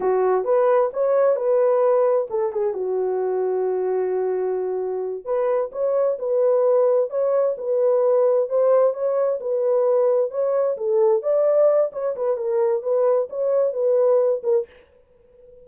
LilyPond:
\new Staff \with { instrumentName = "horn" } { \time 4/4 \tempo 4 = 131 fis'4 b'4 cis''4 b'4~ | b'4 a'8 gis'8 fis'2~ | fis'2.~ fis'8 b'8~ | b'8 cis''4 b'2 cis''8~ |
cis''8 b'2 c''4 cis''8~ | cis''8 b'2 cis''4 a'8~ | a'8 d''4. cis''8 b'8 ais'4 | b'4 cis''4 b'4. ais'8 | }